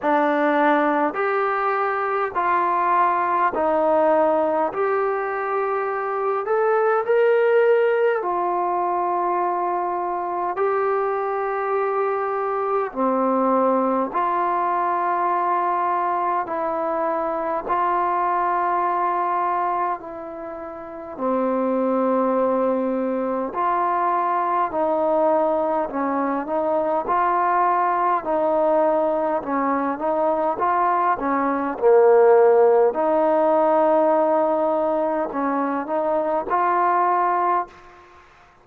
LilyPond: \new Staff \with { instrumentName = "trombone" } { \time 4/4 \tempo 4 = 51 d'4 g'4 f'4 dis'4 | g'4. a'8 ais'4 f'4~ | f'4 g'2 c'4 | f'2 e'4 f'4~ |
f'4 e'4 c'2 | f'4 dis'4 cis'8 dis'8 f'4 | dis'4 cis'8 dis'8 f'8 cis'8 ais4 | dis'2 cis'8 dis'8 f'4 | }